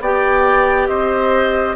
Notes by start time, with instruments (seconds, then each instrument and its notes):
0.00 bassoon B3, clarinet G4, oboe D5, flute G5
0.87 bassoon C4, oboe C5, flute D#5